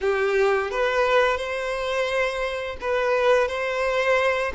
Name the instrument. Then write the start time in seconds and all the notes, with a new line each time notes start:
violin
0.01 G4
0.70 B4
1.37 C5
2.80 B4
3.48 C5